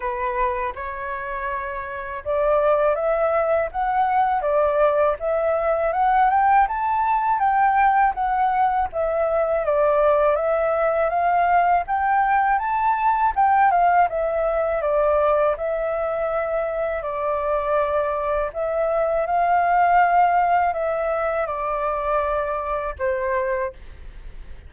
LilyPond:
\new Staff \with { instrumentName = "flute" } { \time 4/4 \tempo 4 = 81 b'4 cis''2 d''4 | e''4 fis''4 d''4 e''4 | fis''8 g''8 a''4 g''4 fis''4 | e''4 d''4 e''4 f''4 |
g''4 a''4 g''8 f''8 e''4 | d''4 e''2 d''4~ | d''4 e''4 f''2 | e''4 d''2 c''4 | }